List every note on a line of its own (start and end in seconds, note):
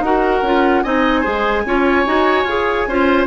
0.00 0.41 D#4
0.00 0.45 F#4
0.00 0.83 F#5
0.06 0.84 A#4
0.43 0.83 C#4
0.43 0.85 F4
0.83 1.26 C4
0.83 1.24 D#4
0.83 1.21 D#5
0.83 3.27 G#5
1.21 1.65 G#3
1.21 1.65 G#4
1.21 1.62 C5
1.65 2.06 C#4
1.65 2.07 F4
1.65 2.89 C#5
2.07 2.44 D#4
2.07 2.47 F#4
2.44 2.85 F4
2.44 2.89 G#4
2.88 3.27 C#4
2.88 3.27 F4
2.88 3.27 C5